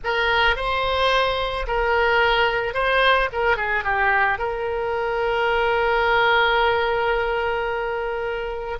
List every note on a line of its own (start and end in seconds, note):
0.04 0.56 A#4
0.56 1.66 C5
1.67 2.74 A#4
2.74 3.29 C5
3.32 3.57 A#4
3.57 3.84 G#4
3.84 4.38 G4
4.38 8.78 A#4